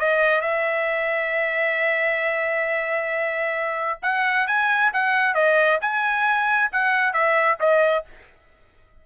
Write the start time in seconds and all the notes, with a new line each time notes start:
0.00 D#5
0.42 E5
4.03 F#5
4.48 G#5
4.94 F#5
5.35 D#5
5.81 G#5
6.72 F#5
7.14 E5
7.60 D#5